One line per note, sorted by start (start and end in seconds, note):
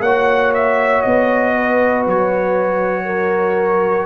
0.00 1.02 A#3
0.00 4.06 F#4
0.00 1.55 C#5
0.00 0.53 F#5
0.54 1.01 E5
1.01 2.07 B3
1.01 2.03 D#5
1.55 3.05 B4
2.07 4.06 F#3
2.07 4.06 C#5
3.05 4.06 A#4